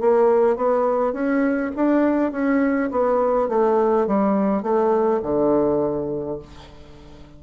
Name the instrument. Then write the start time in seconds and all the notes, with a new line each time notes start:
bassoon
0.00 A#3
0.56 B3
1.13 C#4
1.76 D4
2.32 C#4
2.91 B3
3.49 A3
4.07 G3
4.63 A3
5.22 D3